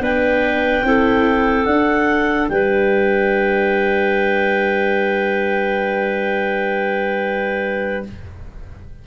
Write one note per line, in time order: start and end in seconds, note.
0.00 0.82 B3
0.00 0.83 D4
0.00 0.85 B4
0.00 1.65 G5
0.83 1.66 C4
0.83 1.67 E4
0.83 2.51 A4
1.65 2.49 D4
1.65 8.04 D4
1.65 2.48 F#5
2.49 8.05 G3
2.49 8.07 B4
2.49 8.03 G5